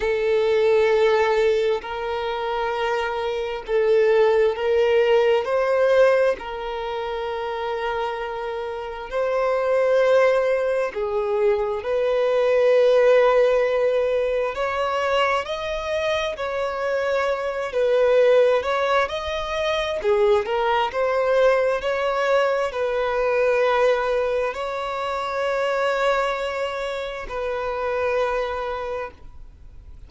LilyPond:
\new Staff \with { instrumentName = "violin" } { \time 4/4 \tempo 4 = 66 a'2 ais'2 | a'4 ais'4 c''4 ais'4~ | ais'2 c''2 | gis'4 b'2. |
cis''4 dis''4 cis''4. b'8~ | b'8 cis''8 dis''4 gis'8 ais'8 c''4 | cis''4 b'2 cis''4~ | cis''2 b'2 | }